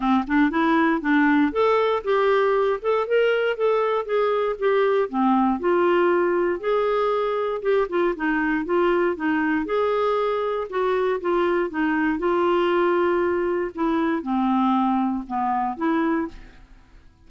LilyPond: \new Staff \with { instrumentName = "clarinet" } { \time 4/4 \tempo 4 = 118 c'8 d'8 e'4 d'4 a'4 | g'4. a'8 ais'4 a'4 | gis'4 g'4 c'4 f'4~ | f'4 gis'2 g'8 f'8 |
dis'4 f'4 dis'4 gis'4~ | gis'4 fis'4 f'4 dis'4 | f'2. e'4 | c'2 b4 e'4 | }